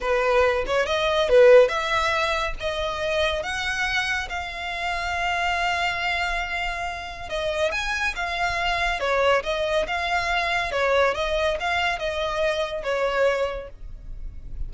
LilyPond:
\new Staff \with { instrumentName = "violin" } { \time 4/4 \tempo 4 = 140 b'4. cis''8 dis''4 b'4 | e''2 dis''2 | fis''2 f''2~ | f''1~ |
f''4 dis''4 gis''4 f''4~ | f''4 cis''4 dis''4 f''4~ | f''4 cis''4 dis''4 f''4 | dis''2 cis''2 | }